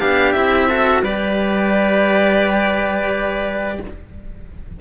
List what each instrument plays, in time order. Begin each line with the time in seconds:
0.00 cello B3 D4, trumpet G4, violin F5
0.32 cello C4 E4, violin E5
0.69 cello F#4, trumpet A4
1.02 cello G3 G4, trumpet B4, violin D5